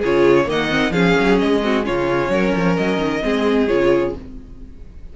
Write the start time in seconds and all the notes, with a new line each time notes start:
0.00 C#3 F4 G#4 C#5
0.46 D#3 A#3 D#5
0.52 F#5
0.70 C4
0.91 F3 C#4 G#4 F5
1.19 F#3
1.39 G#3 D#5
1.62 C4 F#4
1.83 C#3 C#4 F4 C#5
2.29 F#3 A#4
2.55 F3
2.77 F#3 D#5
2.98 D#3
3.23 G#3 C4 G#4
3.68 C#3 F4 C#5